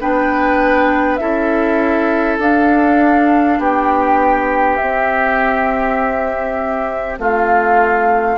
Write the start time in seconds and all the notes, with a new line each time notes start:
0.00 B3 D4 B4 G5
1.16 C#4 E4 A4 E5
2.39 D4 F5
3.58 B3 G4 G5
4.76 C4 E5
7.19 A3 F4 F5